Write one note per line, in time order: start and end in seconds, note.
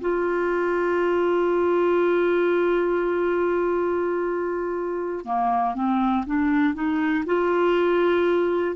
0.00 5.25 F4
5.25 5.75 A#3
5.75 6.25 C4
6.26 6.74 D4
6.74 7.24 D#4
7.25 8.75 F4